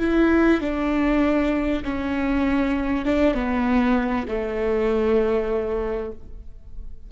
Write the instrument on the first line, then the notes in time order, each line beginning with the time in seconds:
viola
0.00 E4
0.61 D4
1.85 C#4
3.06 D4
3.35 B3
4.28 A3